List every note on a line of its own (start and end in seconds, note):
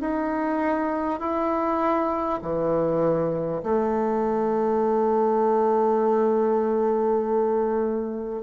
0.00 1.19 D#4
1.19 2.39 E4
2.41 3.61 E3
3.63 8.42 A3